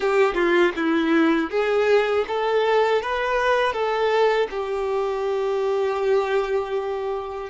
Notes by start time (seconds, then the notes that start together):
0.00 G4
0.34 F4
0.75 E4
1.50 G#4
2.27 A4
3.01 B4
3.72 A4
4.50 G4